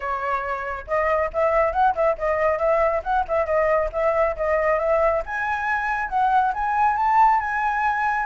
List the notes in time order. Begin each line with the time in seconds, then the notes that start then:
0.00 C#5
0.87 D#5
1.33 E5
1.72 F#5
1.95 E5
2.18 D#5
2.58 E5
3.03 F#5
3.28 E5
3.46 D#5
3.92 E5
4.36 D#5
4.79 E5
5.25 G#5
6.09 F#5
6.53 G#5
6.96 A5
7.40 G#5